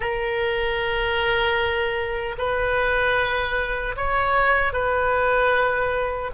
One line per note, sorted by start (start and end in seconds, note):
0.00 2.35 A#4
2.38 3.95 B4
3.96 4.73 C#5
4.73 6.31 B4